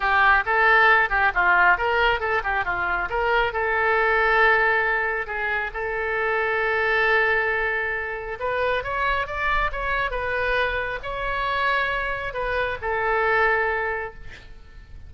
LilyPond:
\new Staff \with { instrumentName = "oboe" } { \time 4/4 \tempo 4 = 136 g'4 a'4. g'8 f'4 | ais'4 a'8 g'8 f'4 ais'4 | a'1 | gis'4 a'2.~ |
a'2. b'4 | cis''4 d''4 cis''4 b'4~ | b'4 cis''2. | b'4 a'2. | }